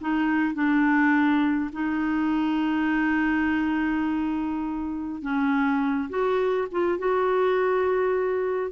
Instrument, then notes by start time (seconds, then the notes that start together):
clarinet
0.00 D#4
0.54 D4
1.72 D#4
5.21 C#4
6.09 F#4
6.71 F4
6.98 F#4